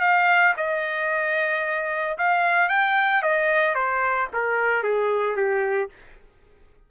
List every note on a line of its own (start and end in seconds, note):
0.00 0.54 F5
0.56 2.17 D#5
2.17 2.69 F5
2.69 3.22 G5
3.22 3.74 D#5
3.74 4.28 C5
4.33 4.83 A#4
4.83 5.36 G#4
5.36 5.89 G4